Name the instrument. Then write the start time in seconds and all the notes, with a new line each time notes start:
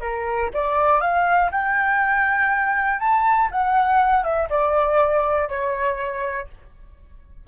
flute
0.00 A#4
0.53 D5
1.01 F5
1.51 G5
2.99 A5
3.51 F#5
4.23 E5
4.49 D5
5.48 C#5